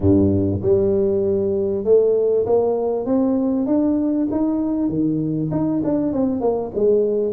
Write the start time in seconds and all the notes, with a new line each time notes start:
0.00 G2
0.62 G3
1.84 A3
2.45 A#3
3.05 C4
3.66 D4
4.31 D#4
4.88 D#3
5.51 D#4
5.84 D4
6.12 C4
6.40 A#3
6.75 G#3